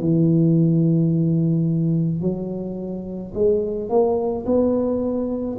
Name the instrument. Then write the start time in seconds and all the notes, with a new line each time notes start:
tuba
0.00 E3
2.22 F#3
3.34 G#3
3.89 A#3
4.46 B3